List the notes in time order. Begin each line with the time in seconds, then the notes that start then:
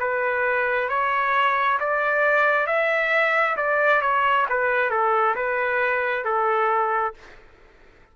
0.00 B4
0.89 C#5
1.80 D5
2.67 E5
3.57 D5
4.01 C#5
4.49 B4
4.90 A4
5.36 B4
6.25 A4